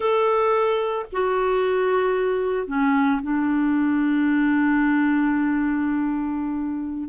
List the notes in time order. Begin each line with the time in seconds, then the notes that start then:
0.00 A4
1.12 F#4
2.67 C#4
3.22 D4